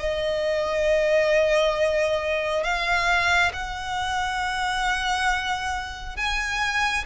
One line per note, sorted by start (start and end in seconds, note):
0.00 2.64 D#5
2.64 3.52 F5
3.53 6.17 F#5
6.17 7.05 G#5